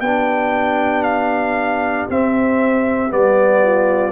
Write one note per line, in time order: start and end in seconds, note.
0.00 2.07 B3
0.00 2.10 D4
0.00 3.62 G4
0.00 1.03 G5
1.03 2.06 F5
2.09 3.12 C4
2.09 3.09 C4
2.09 3.12 E5
3.09 4.11 G3
3.09 4.11 B3
3.09 4.11 D5
3.62 4.11 F4